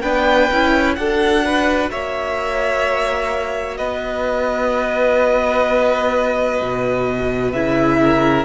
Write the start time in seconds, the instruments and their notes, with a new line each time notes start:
0.00 cello B3, viola D4, violin B4 G5
0.51 cello C#4, viola E4
0.95 cello D4, viola F#4, violin A4 F#5
1.45 violin B4
1.91 cello A#3, violin C#5 E5
3.77 cello B3, violin B4 D#5
6.61 cello B2
7.52 cello C#3, viola E4, violin E5
8.02 violin A#4